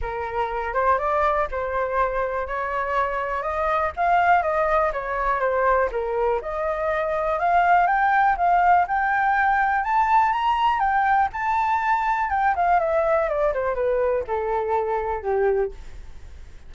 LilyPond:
\new Staff \with { instrumentName = "flute" } { \time 4/4 \tempo 4 = 122 ais'4. c''8 d''4 c''4~ | c''4 cis''2 dis''4 | f''4 dis''4 cis''4 c''4 | ais'4 dis''2 f''4 |
g''4 f''4 g''2 | a''4 ais''4 g''4 a''4~ | a''4 g''8 f''8 e''4 d''8 c''8 | b'4 a'2 g'4 | }